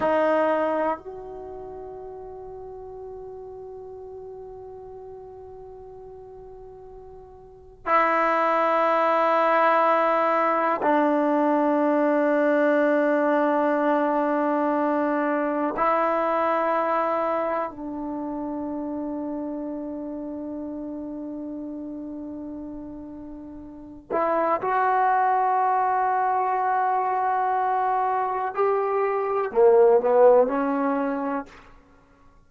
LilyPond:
\new Staff \with { instrumentName = "trombone" } { \time 4/4 \tempo 4 = 61 dis'4 fis'2.~ | fis'1 | e'2. d'4~ | d'1 |
e'2 d'2~ | d'1~ | d'8 e'8 fis'2.~ | fis'4 g'4 ais8 b8 cis'4 | }